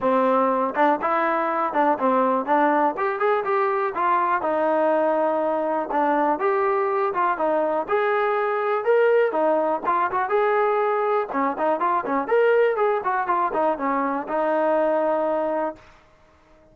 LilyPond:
\new Staff \with { instrumentName = "trombone" } { \time 4/4 \tempo 4 = 122 c'4. d'8 e'4. d'8 | c'4 d'4 g'8 gis'8 g'4 | f'4 dis'2. | d'4 g'4. f'8 dis'4 |
gis'2 ais'4 dis'4 | f'8 fis'8 gis'2 cis'8 dis'8 | f'8 cis'8 ais'4 gis'8 fis'8 f'8 dis'8 | cis'4 dis'2. | }